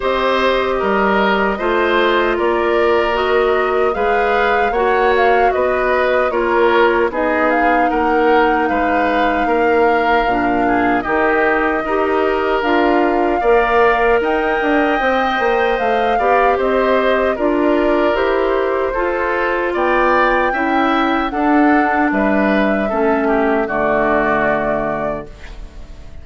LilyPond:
<<
  \new Staff \with { instrumentName = "flute" } { \time 4/4 \tempo 4 = 76 dis''2. d''4 | dis''4 f''4 fis''8 f''8 dis''4 | cis''4 dis''8 f''8 fis''4 f''4~ | f''2 dis''2 |
f''2 g''2 | f''4 dis''4 d''4 c''4~ | c''4 g''2 fis''4 | e''2 d''2 | }
  \new Staff \with { instrumentName = "oboe" } { \time 4/4 c''4 ais'4 c''4 ais'4~ | ais'4 b'4 cis''4 b'4 | ais'4 gis'4 ais'4 b'4 | ais'4. gis'8 g'4 ais'4~ |
ais'4 d''4 dis''2~ | dis''8 d''8 c''4 ais'2 | a'4 d''4 e''4 a'4 | b'4 a'8 g'8 fis'2 | }
  \new Staff \with { instrumentName = "clarinet" } { \time 4/4 g'2 f'2 | fis'4 gis'4 fis'2 | f'4 dis'2.~ | dis'4 d'4 dis'4 g'4 |
f'4 ais'2 c''4~ | c''8 g'4. f'4 g'4 | f'2 e'4 d'4~ | d'4 cis'4 a2 | }
  \new Staff \with { instrumentName = "bassoon" } { \time 4/4 c'4 g4 a4 ais4~ | ais4 gis4 ais4 b4 | ais4 b4 ais4 gis4 | ais4 ais,4 dis4 dis'4 |
d'4 ais4 dis'8 d'8 c'8 ais8 | a8 b8 c'4 d'4 e'4 | f'4 b4 cis'4 d'4 | g4 a4 d2 | }
>>